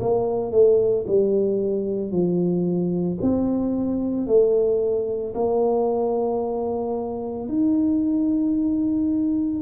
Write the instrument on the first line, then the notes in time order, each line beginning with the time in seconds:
tuba
0.00 A#3
0.52 A3
1.07 G3
2.11 F3
3.21 C4
4.27 A3
5.35 A#3
7.48 D#4